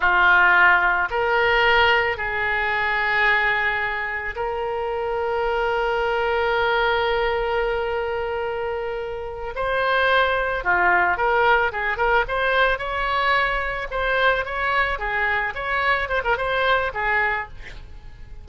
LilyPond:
\new Staff \with { instrumentName = "oboe" } { \time 4/4 \tempo 4 = 110 f'2 ais'2 | gis'1 | ais'1~ | ais'1~ |
ais'4. c''2 f'8~ | f'8 ais'4 gis'8 ais'8 c''4 cis''8~ | cis''4. c''4 cis''4 gis'8~ | gis'8 cis''4 c''16 ais'16 c''4 gis'4 | }